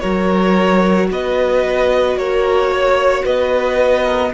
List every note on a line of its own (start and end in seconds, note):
0.00 1.10 F#3
0.00 4.31 F#4
0.00 1.09 A#4
0.00 1.07 C#5
1.10 2.16 B3
1.10 2.19 B4
1.10 2.18 D#5
2.16 3.23 A#3
2.16 2.72 A#4
2.16 3.25 C#5
2.72 3.24 C#5
3.24 4.33 B3
3.24 4.04 B4
3.24 4.33 D#5
4.04 4.31 A#4